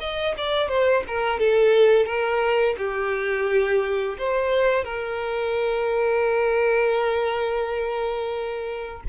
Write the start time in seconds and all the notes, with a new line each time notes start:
0.00 D#5
0.38 D5
0.69 C5
1.08 A#4
1.40 A4
2.06 A#4
2.78 G4
4.18 C5
4.85 A#4